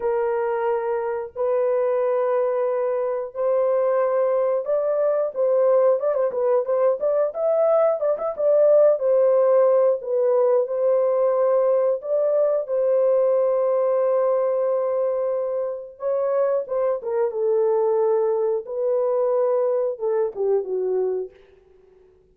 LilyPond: \new Staff \with { instrumentName = "horn" } { \time 4/4 \tempo 4 = 90 ais'2 b'2~ | b'4 c''2 d''4 | c''4 d''16 c''16 b'8 c''8 d''8 e''4 | d''16 e''16 d''4 c''4. b'4 |
c''2 d''4 c''4~ | c''1 | cis''4 c''8 ais'8 a'2 | b'2 a'8 g'8 fis'4 | }